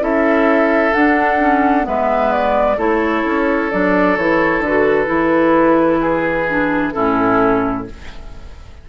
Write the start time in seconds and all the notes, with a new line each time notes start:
0.00 C#4 E4 A4 E5
0.93 D4 F#5
1.39 C#4
1.83 G#3 B3 B4 E5
2.32 D5
2.77 A3 E4 A4 C#5
3.25 C#4
3.71 F#3 D4 D5
4.16 E3 E4 C#5
4.59 D3 B4
4.66 F#4
5.06 E3 E4
6.01 G#4
6.50 D4
6.92 A2 C#4 E4 A4